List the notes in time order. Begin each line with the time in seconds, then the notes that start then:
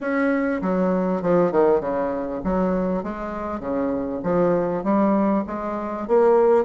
0.00 C#4
0.61 F#3
1.22 F3
1.52 D#3
1.80 C#3
2.44 F#3
3.03 G#3
3.60 C#3
4.23 F3
4.83 G3
5.47 G#3
6.07 A#3